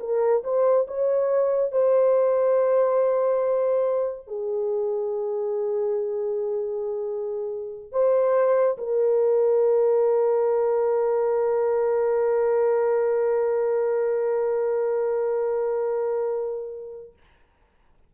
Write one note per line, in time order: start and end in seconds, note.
0.00 0.43 A#4
0.44 0.86 C5
0.88 1.72 C#5
1.72 4.27 C5
4.27 7.92 G#4
7.92 8.77 C5
8.78 17.14 A#4